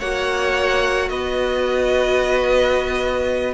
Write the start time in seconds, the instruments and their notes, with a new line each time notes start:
0.00 cello A#3, viola F#4, violin C#5 F#5
1.10 cello B3, violin B4 D#5